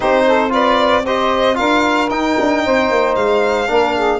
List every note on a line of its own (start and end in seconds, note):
0.00 1.59 C4
0.00 0.49 D#4
0.00 0.24 G4
0.00 0.51 C5
0.27 0.51 A4
0.49 1.02 F4
0.49 1.04 B4
0.49 1.05 D5
1.04 1.54 G4
1.04 1.57 C5
1.04 1.56 D#5
1.54 2.09 D4
1.54 2.07 F4
1.54 2.63 A#4
1.54 2.09 F5
2.09 2.36 D#4
2.09 3.67 D#4
2.09 3.14 G5
2.39 2.65 D4
2.65 2.90 C4
2.65 3.69 C5
2.90 3.16 A#3
3.15 3.69 G#3
3.15 4.19 F5
3.67 4.19 A#3
3.67 4.19 D4
3.67 3.95 A#4
3.95 4.19 G#4